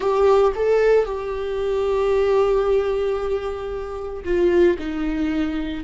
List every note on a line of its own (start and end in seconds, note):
0.00 0.52 G4
0.55 1.05 A4
1.05 4.24 G4
4.24 4.77 F4
4.78 5.84 D#4